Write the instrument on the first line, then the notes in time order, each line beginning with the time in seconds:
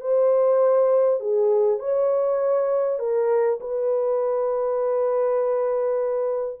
horn
0.00 C5
1.19 G#4
1.79 C#5
2.99 A#4
3.60 B4